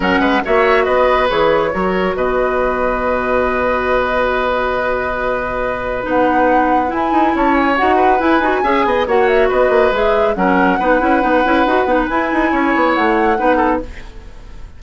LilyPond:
<<
  \new Staff \with { instrumentName = "flute" } { \time 4/4 \tempo 4 = 139 fis''4 e''4 dis''4 cis''4~ | cis''4 dis''2.~ | dis''1~ | dis''2 fis''2 |
gis''4 a''8 gis''8 fis''4 gis''4~ | gis''4 fis''8 e''8 dis''4 e''4 | fis''1 | gis''2 fis''2 | }
  \new Staff \with { instrumentName = "oboe" } { \time 4/4 ais'8 b'8 cis''4 b'2 | ais'4 b'2.~ | b'1~ | b'1~ |
b'4 cis''4. b'4. | e''8 dis''8 cis''4 b'2 | ais'4 b'2.~ | b'4 cis''2 b'8 a'8 | }
  \new Staff \with { instrumentName = "clarinet" } { \time 4/4 cis'4 fis'2 gis'4 | fis'1~ | fis'1~ | fis'2 dis'2 |
e'2 fis'4 e'8 fis'8 | gis'4 fis'2 gis'4 | cis'4 dis'8 e'8 dis'8 e'8 fis'8 dis'8 | e'2. dis'4 | }
  \new Staff \with { instrumentName = "bassoon" } { \time 4/4 fis8 gis8 ais4 b4 e4 | fis4 b,2.~ | b,1~ | b,2 b2 |
e'8 dis'8 cis'4 dis'4 e'8 dis'8 | cis'8 b8 ais4 b8 ais8 gis4 | fis4 b8 cis'8 b8 cis'8 dis'8 b8 | e'8 dis'8 cis'8 b8 a4 b4 | }
>>